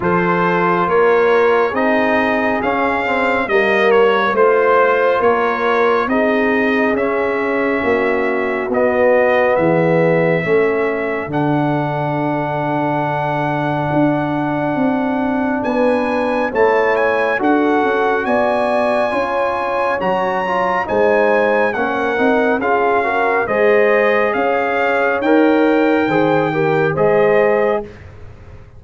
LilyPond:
<<
  \new Staff \with { instrumentName = "trumpet" } { \time 4/4 \tempo 4 = 69 c''4 cis''4 dis''4 f''4 | dis''8 cis''8 c''4 cis''4 dis''4 | e''2 dis''4 e''4~ | e''4 fis''2.~ |
fis''2 gis''4 a''8 gis''8 | fis''4 gis''2 ais''4 | gis''4 fis''4 f''4 dis''4 | f''4 g''2 dis''4 | }
  \new Staff \with { instrumentName = "horn" } { \time 4/4 a'4 ais'4 gis'2 | ais'4 c''4 ais'4 gis'4~ | gis'4 fis'2 gis'4 | a'1~ |
a'2 b'4 cis''4 | a'4 d''4 cis''2 | c''4 ais'4 gis'8 ais'8 c''4 | cis''2 c''8 ais'8 c''4 | }
  \new Staff \with { instrumentName = "trombone" } { \time 4/4 f'2 dis'4 cis'8 c'8 | ais4 f'2 dis'4 | cis'2 b2 | cis'4 d'2.~ |
d'2. e'4 | fis'2 f'4 fis'8 f'8 | dis'4 cis'8 dis'8 f'8 fis'8 gis'4~ | gis'4 ais'4 gis'8 g'8 gis'4 | }
  \new Staff \with { instrumentName = "tuba" } { \time 4/4 f4 ais4 c'4 cis'4 | g4 a4 ais4 c'4 | cis'4 ais4 b4 e4 | a4 d2. |
d'4 c'4 b4 a4 | d'8 cis'8 b4 cis'4 fis4 | gis4 ais8 c'8 cis'4 gis4 | cis'4 dis'4 dis4 gis4 | }
>>